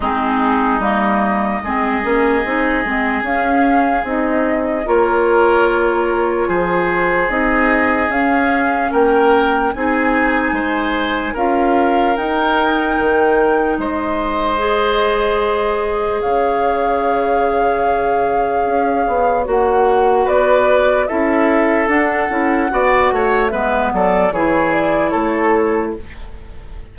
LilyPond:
<<
  \new Staff \with { instrumentName = "flute" } { \time 4/4 \tempo 4 = 74 gis'4 dis''2. | f''4 dis''4 cis''2 | c''4 dis''4 f''4 g''4 | gis''2 f''4 g''4~ |
g''4 dis''2. | f''1 | fis''4 d''4 e''4 fis''4~ | fis''4 e''8 d''8 cis''8 d''8 cis''4 | }
  \new Staff \with { instrumentName = "oboe" } { \time 4/4 dis'2 gis'2~ | gis'2 ais'2 | gis'2. ais'4 | gis'4 c''4 ais'2~ |
ais'4 c''2. | cis''1~ | cis''4 b'4 a'2 | d''8 cis''8 b'8 a'8 gis'4 a'4 | }
  \new Staff \with { instrumentName = "clarinet" } { \time 4/4 c'4 ais4 c'8 cis'8 dis'8 c'8 | cis'4 dis'4 f'2~ | f'4 dis'4 cis'2 | dis'2 f'4 dis'4~ |
dis'2 gis'2~ | gis'1 | fis'2 e'4 d'8 e'8 | fis'4 b4 e'2 | }
  \new Staff \with { instrumentName = "bassoon" } { \time 4/4 gis4 g4 gis8 ais8 c'8 gis8 | cis'4 c'4 ais2 | f4 c'4 cis'4 ais4 | c'4 gis4 cis'4 dis'4 |
dis4 gis2. | cis2. cis'8 b8 | ais4 b4 cis'4 d'8 cis'8 | b8 a8 gis8 fis8 e4 a4 | }
>>